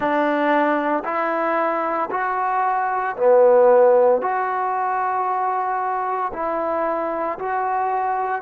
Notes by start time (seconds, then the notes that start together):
0.00 D4
1.04 E4
2.11 F#4
3.16 B3
4.21 F#4
6.33 E4
7.38 F#4